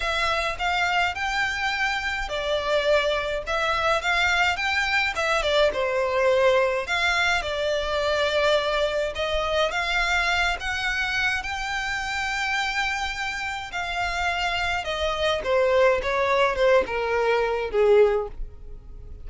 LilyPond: \new Staff \with { instrumentName = "violin" } { \time 4/4 \tempo 4 = 105 e''4 f''4 g''2 | d''2 e''4 f''4 | g''4 e''8 d''8 c''2 | f''4 d''2. |
dis''4 f''4. fis''4. | g''1 | f''2 dis''4 c''4 | cis''4 c''8 ais'4. gis'4 | }